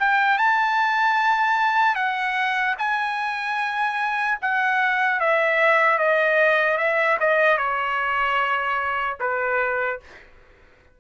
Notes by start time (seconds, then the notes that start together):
0.00 G5
0.39 A5
1.96 F#5
2.79 G#5
4.42 F#5
5.20 E5
5.99 D#5
6.78 E5
7.20 D#5
7.58 C#5
9.21 B4